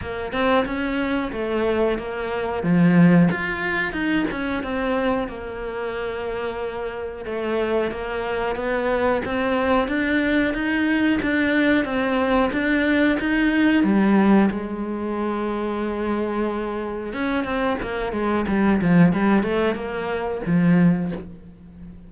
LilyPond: \new Staff \with { instrumentName = "cello" } { \time 4/4 \tempo 4 = 91 ais8 c'8 cis'4 a4 ais4 | f4 f'4 dis'8 cis'8 c'4 | ais2. a4 | ais4 b4 c'4 d'4 |
dis'4 d'4 c'4 d'4 | dis'4 g4 gis2~ | gis2 cis'8 c'8 ais8 gis8 | g8 f8 g8 a8 ais4 f4 | }